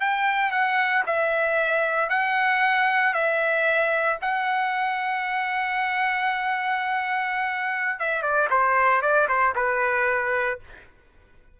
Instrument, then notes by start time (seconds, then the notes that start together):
trumpet
0.00 G5
0.51 F#5
1.06 E5
2.09 F#5
3.14 E5
4.21 F#5
7.99 E5
8.22 D5
8.50 C5
9.02 D5
9.28 C5
9.55 B4